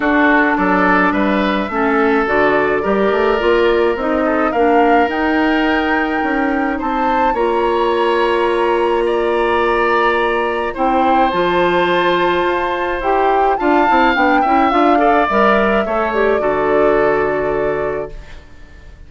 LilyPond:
<<
  \new Staff \with { instrumentName = "flute" } { \time 4/4 \tempo 4 = 106 a'4 d''4 e''2 | d''2. dis''4 | f''4 g''2. | a''4 ais''2.~ |
ais''2. g''4 | a''2. g''4 | a''4 g''4 f''4 e''4~ | e''8 d''2.~ d''8 | }
  \new Staff \with { instrumentName = "oboe" } { \time 4/4 fis'4 a'4 b'4 a'4~ | a'4 ais'2~ ais'8 a'8 | ais'1 | c''4 cis''2. |
d''2. c''4~ | c''1 | f''4. e''4 d''4. | cis''4 a'2. | }
  \new Staff \with { instrumentName = "clarinet" } { \time 4/4 d'2. cis'4 | fis'4 g'4 f'4 dis'4 | d'4 dis'2.~ | dis'4 f'2.~ |
f'2. e'4 | f'2. g'4 | f'8 e'8 d'8 e'8 f'8 a'8 ais'4 | a'8 g'8 fis'2. | }
  \new Staff \with { instrumentName = "bassoon" } { \time 4/4 d'4 fis4 g4 a4 | d4 g8 a8 ais4 c'4 | ais4 dis'2 cis'4 | c'4 ais2.~ |
ais2. c'4 | f2 f'4 e'4 | d'8 c'8 b8 cis'8 d'4 g4 | a4 d2. | }
>>